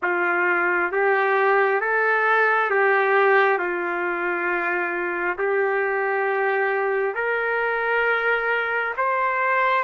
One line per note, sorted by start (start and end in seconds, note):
0.02 0.92 F4
0.92 1.80 G4
1.80 2.70 A4
2.70 3.58 G4
3.58 5.37 F4
5.38 7.14 G4
7.14 8.93 A#4
8.97 9.84 C5